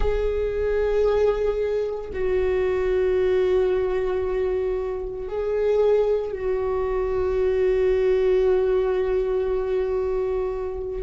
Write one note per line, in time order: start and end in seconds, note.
0.00 2.10 G#4
2.13 5.28 F#4
5.28 6.32 G#4
6.32 11.02 F#4